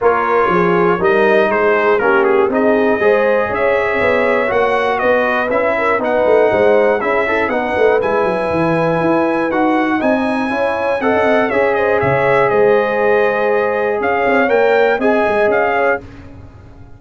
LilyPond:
<<
  \new Staff \with { instrumentName = "trumpet" } { \time 4/4 \tempo 4 = 120 cis''2 dis''4 c''4 | ais'8 gis'8 dis''2 e''4~ | e''4 fis''4 dis''4 e''4 | fis''2 e''4 fis''4 |
gis''2. fis''4 | gis''2 fis''4 e''8 dis''8 | e''4 dis''2. | f''4 g''4 gis''4 f''4 | }
  \new Staff \with { instrumentName = "horn" } { \time 4/4 ais'4 gis'4 ais'4 gis'4 | g'4 gis'4 c''4 cis''4~ | cis''2 b'4. ais'8 | b'4 c''4 gis'8 e'8 b'4~ |
b'1 | dis''4 cis''4 dis''4 cis''8 c''8 | cis''4 c''2. | cis''2 dis''4. cis''8 | }
  \new Staff \with { instrumentName = "trombone" } { \time 4/4 f'2 dis'2 | cis'4 dis'4 gis'2~ | gis'4 fis'2 e'4 | dis'2 e'8 a'8 dis'4 |
e'2. fis'4 | dis'4 e'4 a'4 gis'4~ | gis'1~ | gis'4 ais'4 gis'2 | }
  \new Staff \with { instrumentName = "tuba" } { \time 4/4 ais4 f4 g4 gis4 | ais4 c'4 gis4 cis'4 | b4 ais4 b4 cis'4 | b8 a8 gis4 cis'4 b8 a8 |
gis8 fis8 e4 e'4 dis'4 | c'4 cis'4 c'16 cis'16 c'8 cis'4 | cis4 gis2. | cis'8 c'8 ais4 c'8 gis8 cis'4 | }
>>